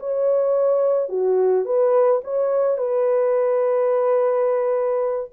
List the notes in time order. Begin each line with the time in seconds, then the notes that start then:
0.00 C#5
1.09 F#4
1.66 B4
2.25 C#5
2.78 B4